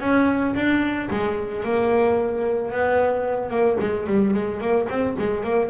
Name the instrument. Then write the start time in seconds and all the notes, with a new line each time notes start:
double bass
0.00 C#4
0.55 D4
1.10 G#3
1.64 A#3
2.71 B3
3.50 A#3
3.80 G#3
4.06 G3
4.33 G#3
4.60 A#3
4.89 C4
5.18 G#3
5.43 A#3